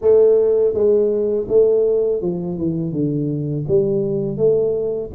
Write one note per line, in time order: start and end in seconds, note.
0.01 0.74 A3
0.74 1.47 G#3
1.48 2.21 A3
2.22 2.57 F3
2.57 2.92 E3
2.92 3.65 D3
3.68 4.37 G3
4.37 5.10 A3